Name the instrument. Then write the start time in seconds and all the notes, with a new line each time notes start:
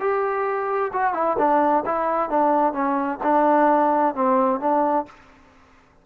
trombone
0.00 G4
0.93 F#4
1.14 E4
1.38 D4
1.86 E4
2.29 D4
2.73 C#4
3.23 D4
4.15 C4
4.60 D4